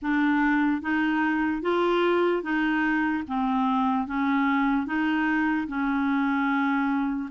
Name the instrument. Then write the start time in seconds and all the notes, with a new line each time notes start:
clarinet
0.02 D4
0.81 D#4
1.62 F4
2.42 D#4
3.27 C4
4.07 C#4
4.86 D#4
5.67 C#4